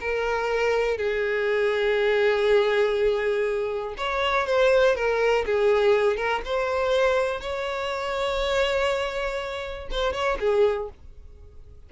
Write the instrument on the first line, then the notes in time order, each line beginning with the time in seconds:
violin
0.00 A#4
0.97 G#4
3.97 C#5
4.47 C5
4.95 A#4
5.46 G#4
6.16 A#4
6.45 C5
7.40 C#5
9.91 C5
10.13 C#5
10.40 G#4